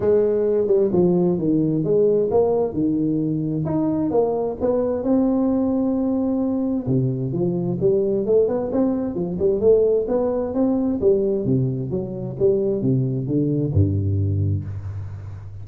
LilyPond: \new Staff \with { instrumentName = "tuba" } { \time 4/4 \tempo 4 = 131 gis4. g8 f4 dis4 | gis4 ais4 dis2 | dis'4 ais4 b4 c'4~ | c'2. c4 |
f4 g4 a8 b8 c'4 | f8 g8 a4 b4 c'4 | g4 c4 fis4 g4 | c4 d4 g,2 | }